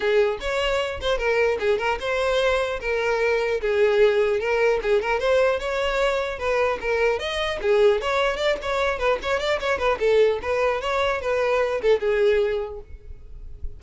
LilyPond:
\new Staff \with { instrumentName = "violin" } { \time 4/4 \tempo 4 = 150 gis'4 cis''4. c''8 ais'4 | gis'8 ais'8 c''2 ais'4~ | ais'4 gis'2 ais'4 | gis'8 ais'8 c''4 cis''2 |
b'4 ais'4 dis''4 gis'4 | cis''4 d''8 cis''4 b'8 cis''8 d''8 | cis''8 b'8 a'4 b'4 cis''4 | b'4. a'8 gis'2 | }